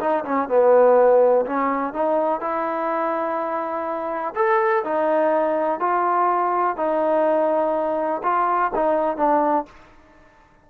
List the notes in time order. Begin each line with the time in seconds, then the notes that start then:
0.00 D#4
0.25 C#4
0.49 B3
1.46 C#4
1.94 D#4
2.41 E4
4.35 A4
4.84 D#4
5.80 F4
6.76 D#4
8.23 F4
8.75 D#4
9.17 D4